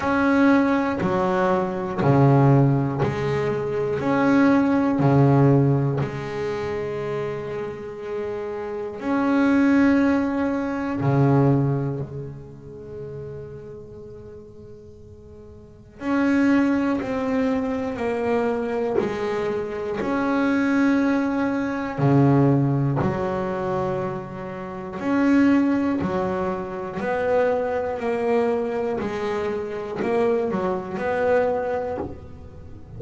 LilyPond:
\new Staff \with { instrumentName = "double bass" } { \time 4/4 \tempo 4 = 60 cis'4 fis4 cis4 gis4 | cis'4 cis4 gis2~ | gis4 cis'2 cis4 | gis1 |
cis'4 c'4 ais4 gis4 | cis'2 cis4 fis4~ | fis4 cis'4 fis4 b4 | ais4 gis4 ais8 fis8 b4 | }